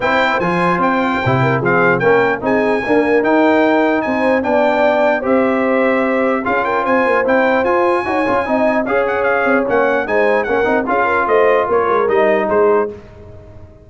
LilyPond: <<
  \new Staff \with { instrumentName = "trumpet" } { \time 4/4 \tempo 4 = 149 g''4 gis''4 g''2 | f''4 g''4 gis''2 | g''2 gis''4 g''4~ | g''4 e''2. |
f''8 g''8 gis''4 g''4 gis''4~ | gis''2 f''8 fis''8 f''4 | fis''4 gis''4 fis''4 f''4 | dis''4 cis''4 dis''4 c''4 | }
  \new Staff \with { instrumentName = "horn" } { \time 4/4 c''2.~ c''8 ais'8 | gis'4 ais'4 gis'4 ais'4~ | ais'2 c''4 d''4~ | d''4 c''2. |
gis'8 ais'8 c''2. | cis''4 dis''4 cis''2~ | cis''4 c''4 ais'4 gis'8 ais'8 | c''4 ais'2 gis'4 | }
  \new Staff \with { instrumentName = "trombone" } { \time 4/4 e'4 f'2 e'4 | c'4 cis'4 dis'4 ais4 | dis'2. d'4~ | d'4 g'2. |
f'2 e'4 f'4 | fis'8 f'8 dis'4 gis'2 | cis'4 dis'4 cis'8 dis'8 f'4~ | f'2 dis'2 | }
  \new Staff \with { instrumentName = "tuba" } { \time 4/4 c'4 f4 c'4 c4 | f4 ais4 c'4 d'4 | dis'2 c'4 b4~ | b4 c'2. |
cis'4 c'8 ais8 c'4 f'4 | dis'8 cis'8 c'4 cis'4. c'8 | ais4 gis4 ais8 c'8 cis'4 | a4 ais8 gis8 g4 gis4 | }
>>